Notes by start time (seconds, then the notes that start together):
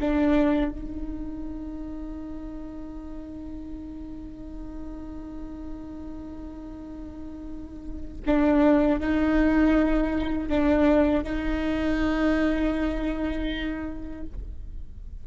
0.00 D4
0.70 D#4
8.26 D4
9.00 D#4
10.48 D4
11.23 D#4